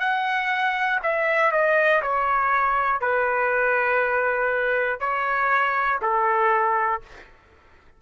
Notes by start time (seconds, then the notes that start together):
0.00 F#5
1.03 E5
1.51 D#5
2.02 C#5
3.00 B4
5.00 C#5
6.02 A4